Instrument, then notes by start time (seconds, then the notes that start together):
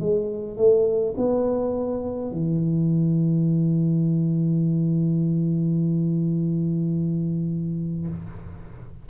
tuba
0.00 G#3
0.57 A3
1.17 B3
2.31 E3